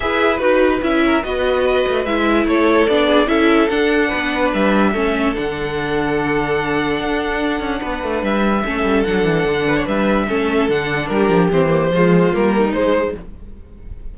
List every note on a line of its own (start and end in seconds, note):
0.00 0.40 E4
0.00 0.38 G#4
0.00 1.04 B4
0.00 0.37 E5
0.37 0.81 D#4
0.37 0.79 F#4
0.37 0.78 B4
0.82 1.23 C#4
0.82 1.23 E4
0.82 1.23 E5
1.04 1.23 A#4
1.23 1.85 B3
1.23 2.06 F#4
1.23 2.47 B4
1.23 2.05 D#5
1.87 2.05 A3
2.05 2.45 G#3
2.05 2.89 E4
2.05 2.46 E5
2.45 2.86 A3
2.45 3.07 A4
2.45 2.87 C#5
2.87 3.27 B3
2.87 3.26 D4
2.87 3.27 D5
3.07 3.27 G#4
3.26 3.68 C#4
3.26 3.67 E4
3.26 4.08 A4
3.26 3.68 E5
3.68 4.10 D4
3.68 4.94 D4
3.68 4.50 F#5
4.08 4.53 B3
4.08 4.90 B4
4.53 4.93 G3
4.53 5.35 E5
4.92 5.35 A3
4.92 5.34 C#4
4.92 7.80 A4
5.34 7.00 D3
5.34 8.63 D4
5.34 8.24 F#5
7.00 7.60 D4
7.60 7.80 C#4
7.80 8.03 B3
7.80 8.62 B4
8.03 8.22 A3
8.22 8.63 G3
8.22 9.03 E5
8.64 8.83 A3
8.64 9.05 C#4
8.64 9.67 A4
8.83 9.03 G3
9.03 9.24 F#3
9.03 10.28 D4
9.03 9.85 F#5
9.24 9.44 E3
9.44 9.85 D3
9.67 9.76 B4
9.76 9.85 C#5
9.85 10.28 G3
9.85 10.26 B4
9.85 10.70 E5
10.28 10.69 A3
10.28 10.69 C#4
10.28 11.10 A4
10.69 11.10 D3
10.69 11.51 D4
10.69 11.07 F#5
11.07 11.29 G3
11.07 11.93 G4
11.07 11.48 A#4
11.29 11.49 F3
11.51 11.90 E3
11.51 11.67 C4
11.51 12.34 C5
11.67 11.88 A#3
11.90 12.31 F3
11.90 12.33 G#3
11.90 12.55 F4
12.33 12.73 G3
12.33 12.73 A#3
12.33 12.73 A#4
12.56 13.18 D#4
12.73 13.14 G#3
12.73 13.14 C5